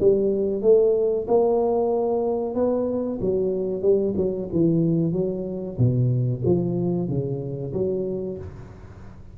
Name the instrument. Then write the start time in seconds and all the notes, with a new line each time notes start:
tuba
0.00 G3
0.62 A3
1.28 A#3
2.55 B3
3.21 F#3
3.82 G3
4.17 F#3
4.52 E3
5.13 F#3
5.78 B2
6.45 F3
7.09 C#3
7.73 F#3